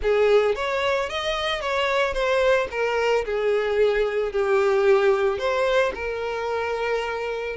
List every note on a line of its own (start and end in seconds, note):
0.02 0.55 G#4
0.55 1.09 C#5
1.09 1.61 D#5
1.61 2.13 C#5
2.13 2.67 C5
2.70 3.24 A#4
3.25 4.31 G#4
4.31 5.38 G4
5.38 5.92 C5
5.94 7.56 A#4